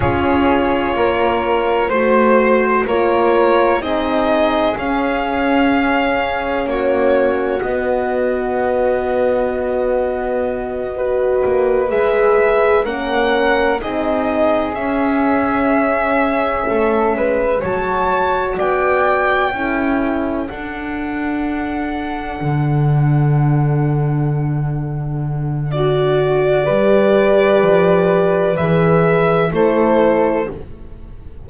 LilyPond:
<<
  \new Staff \with { instrumentName = "violin" } { \time 4/4 \tempo 4 = 63 cis''2 c''4 cis''4 | dis''4 f''2 cis''4 | dis''1~ | dis''8 e''4 fis''4 dis''4 e''8~ |
e''2~ e''8 a''4 g''8~ | g''4. fis''2~ fis''8~ | fis''2. d''4~ | d''2 e''4 c''4 | }
  \new Staff \with { instrumentName = "flute" } { \time 4/4 gis'4 ais'4 c''4 ais'4 | gis'2. fis'4~ | fis'2.~ fis'8 b'8~ | b'4. ais'4 gis'4.~ |
gis'4. a'8 b'8 cis''4 d''8~ | d''8 a'2.~ a'8~ | a'2. fis'4 | b'2. a'4 | }
  \new Staff \with { instrumentName = "horn" } { \time 4/4 f'2 fis'4 f'4 | dis'4 cis'2. | b2.~ b8 fis'8~ | fis'8 gis'4 cis'4 dis'4 cis'8~ |
cis'2~ cis'8 fis'4.~ | fis'8 e'4 d'2~ d'8~ | d'1 | g'2 gis'4 e'4 | }
  \new Staff \with { instrumentName = "double bass" } { \time 4/4 cis'4 ais4 a4 ais4 | c'4 cis'2 ais4 | b1 | ais8 gis4 ais4 c'4 cis'8~ |
cis'4. a8 gis8 fis4 b8~ | b8 cis'4 d'2 d8~ | d1 | g4 f4 e4 a4 | }
>>